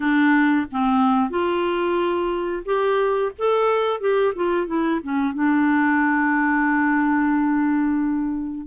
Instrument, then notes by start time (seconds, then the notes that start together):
clarinet
0.00 D4
0.71 C4
1.30 F4
2.65 G4
3.38 A4
4.00 G4
4.35 F4
4.67 E4
5.03 C#4
5.34 D4